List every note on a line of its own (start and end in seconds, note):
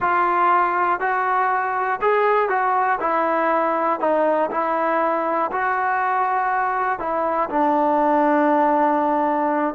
0.00 1.00 F4
1.00 2.00 F#4
2.01 2.49 G#4
2.49 2.99 F#4
3.00 4.00 E4
4.00 4.50 D#4
4.50 5.50 E4
5.51 6.99 F#4
6.99 7.49 E4
7.49 9.74 D4